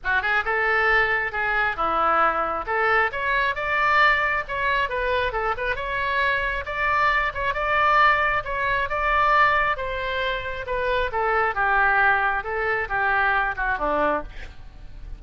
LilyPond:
\new Staff \with { instrumentName = "oboe" } { \time 4/4 \tempo 4 = 135 fis'8 gis'8 a'2 gis'4 | e'2 a'4 cis''4 | d''2 cis''4 b'4 | a'8 b'8 cis''2 d''4~ |
d''8 cis''8 d''2 cis''4 | d''2 c''2 | b'4 a'4 g'2 | a'4 g'4. fis'8 d'4 | }